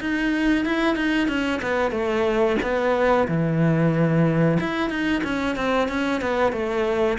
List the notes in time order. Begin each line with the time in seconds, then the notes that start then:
0.00 D#4
0.65 E4
0.95 D#4
1.28 C#4
1.62 B3
1.91 A3
2.62 B3
3.28 E3
4.59 E4
4.89 D#4
5.23 C#4
5.56 C4
5.88 C#4
6.21 B3
6.52 A3